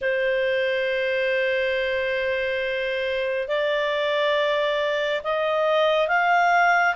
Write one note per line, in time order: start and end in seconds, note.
0.01 3.47 C5
3.47 5.21 D5
5.23 6.08 D#5
6.08 6.95 F5